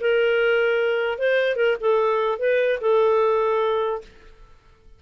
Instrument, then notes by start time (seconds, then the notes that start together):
clarinet
0.00 A#4
1.18 C5
1.56 A#4
1.80 A4
2.39 B4
2.80 A4